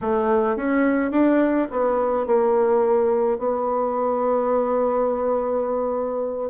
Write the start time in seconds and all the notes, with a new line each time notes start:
0.01 A3
0.56 C#4
1.11 D4
1.70 B3
2.26 A#3
3.38 B3